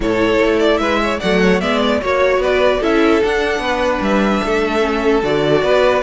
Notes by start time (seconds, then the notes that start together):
0.00 A2 E4 A4 C#5
0.41 A3
0.59 D5
0.77 G#3 B4 E5
1.03 C#5
1.20 F#3 A3 D5 F#5
1.41 C#5
1.60 G#3 B3 D5 E5
1.81 D5
2.00 A#3 F#4 C#5
2.37 B3 B4 D5
2.80 C#4 E4 A4 E5
3.22 D4 F#5
3.58 B3 B4
4.00 G3 E5
4.43 A3 A4
4.80 C#4
5.22 D3 F#4 D5
5.62 B3 B4